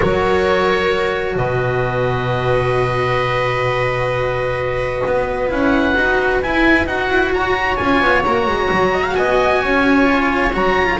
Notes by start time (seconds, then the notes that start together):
0.00 F#3 F#4 A#4 C#5
1.35 B2 B4 D#5
5.06 B3
5.47 C#4 E4 F#5
5.95 D#4 F#4
6.41 E4 G#5
6.85 D#4 F#4 F#5
7.09 E4
7.32 F#4 C#5 A#5
7.76 C#4 F4 G#5
8.01 B3
8.24 A#3 F#4 A#5
8.46 G#3
8.71 F#3
8.94 D#5
9.03 F5
9.14 B3 D#5 G#5
9.61 C#4 C#5
10.04 F4
10.53 F#3 F#4 A#5
10.85 F4